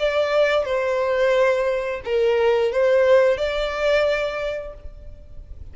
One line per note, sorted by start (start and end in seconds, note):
0.00 0.65 D5
0.65 2.02 C5
2.05 2.73 A#4
2.73 3.38 C5
3.38 4.74 D5